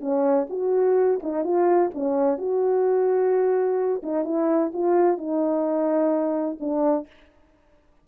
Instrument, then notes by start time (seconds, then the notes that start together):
horn
0.00 C#4
0.49 F#4
1.23 D#4
1.44 F4
1.94 C#4
2.38 F#4
4.02 D#4
4.24 E4
4.73 F4
5.17 D#4
6.60 D4